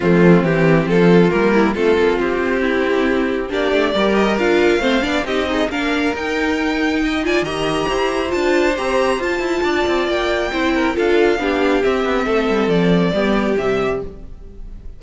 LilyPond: <<
  \new Staff \with { instrumentName = "violin" } { \time 4/4 \tempo 4 = 137 f'4 g'4 a'4 ais'4 | a'4 g'2. | d''4. dis''8 f''2 | dis''4 f''4 g''2~ |
g''8 gis''8 ais''2 a''4 | ais''4 a''2 g''4~ | g''4 f''2 e''4~ | e''4 d''2 e''4 | }
  \new Staff \with { instrumentName = "violin" } { \time 4/4 c'2 f'4. e'8 | f'2 e'2 | g'4 ais'2 c''8 d''8 | g'8 dis'8 ais'2. |
dis''8 d''8 dis''4 c''2~ | c''2 d''2 | c''8 ais'8 a'4 g'2 | a'2 g'2 | }
  \new Staff \with { instrumentName = "viola" } { \time 4/4 a4 c'2 ais4 | c'1 | d'4 g'4 f'4 c'8 d'8 | dis'8 gis'8 d'4 dis'2~ |
dis'8 f'8 g'2 f'4 | g'4 f'2. | e'4 f'4 d'4 c'4~ | c'2 b4 g4 | }
  \new Staff \with { instrumentName = "cello" } { \time 4/4 f4 e4 f4 g4 | a8 ais8 c'2. | ais8 a8 g4 d'4 a8 b8 | c'4 ais4 dis'2~ |
dis'4 dis4 e'4 d'4 | c'4 f'8 e'8 d'8 c'8 ais4 | c'4 d'4 b4 c'8 b8 | a8 g8 f4 g4 c4 | }
>>